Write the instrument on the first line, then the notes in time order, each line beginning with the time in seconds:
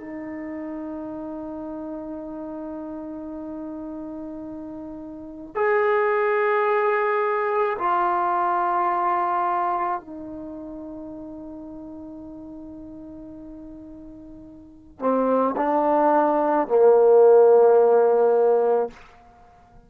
trombone
0.00 D#4
5.55 G#4
7.78 F4
10.00 D#4
14.99 C4
15.57 D4
16.68 A#3